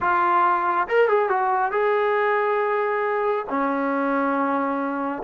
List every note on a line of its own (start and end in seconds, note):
0.00 0.87 F4
0.88 1.08 A#4
1.08 1.29 G#4
1.29 1.71 F#4
1.71 3.45 G#4
3.49 5.23 C#4